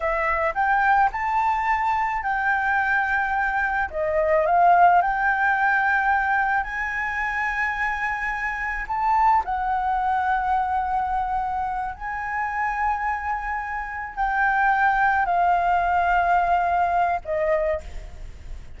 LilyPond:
\new Staff \with { instrumentName = "flute" } { \time 4/4 \tempo 4 = 108 e''4 g''4 a''2 | g''2. dis''4 | f''4 g''2. | gis''1 |
a''4 fis''2.~ | fis''4. gis''2~ gis''8~ | gis''4. g''2 f''8~ | f''2. dis''4 | }